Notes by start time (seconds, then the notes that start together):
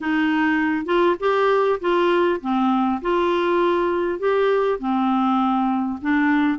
0.00 D#4
0.85 F4
1.19 G4
1.80 F4
2.40 C4
3.01 F4
4.19 G4
4.79 C4
6.01 D4